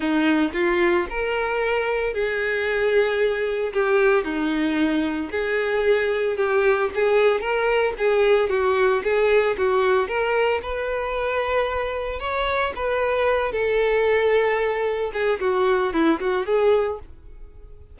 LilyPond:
\new Staff \with { instrumentName = "violin" } { \time 4/4 \tempo 4 = 113 dis'4 f'4 ais'2 | gis'2. g'4 | dis'2 gis'2 | g'4 gis'4 ais'4 gis'4 |
fis'4 gis'4 fis'4 ais'4 | b'2. cis''4 | b'4. a'2~ a'8~ | a'8 gis'8 fis'4 e'8 fis'8 gis'4 | }